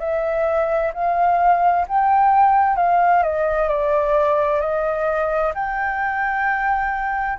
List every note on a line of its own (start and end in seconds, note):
0.00 0.92 E5
0.94 1.86 F5
1.88 2.77 G5
2.77 3.23 F5
3.23 3.68 D#5
3.68 4.61 D5
4.61 5.53 D#5
5.54 7.39 G5